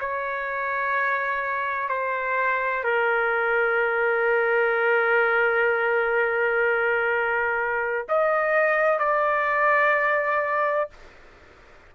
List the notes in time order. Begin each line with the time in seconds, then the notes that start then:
0.00 C#5
1.88 C5
2.84 A#4
8.08 D#5
8.99 D5